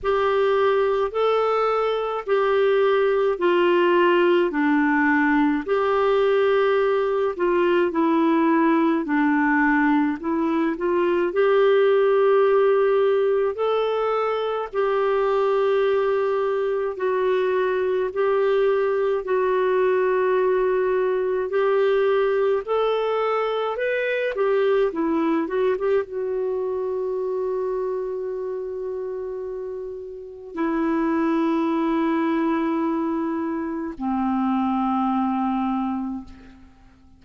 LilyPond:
\new Staff \with { instrumentName = "clarinet" } { \time 4/4 \tempo 4 = 53 g'4 a'4 g'4 f'4 | d'4 g'4. f'8 e'4 | d'4 e'8 f'8 g'2 | a'4 g'2 fis'4 |
g'4 fis'2 g'4 | a'4 b'8 g'8 e'8 fis'16 g'16 fis'4~ | fis'2. e'4~ | e'2 c'2 | }